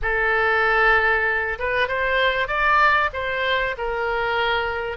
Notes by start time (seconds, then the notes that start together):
0.02 A4
1.58 B4
1.88 C5
2.47 D5
3.13 C5
3.77 A#4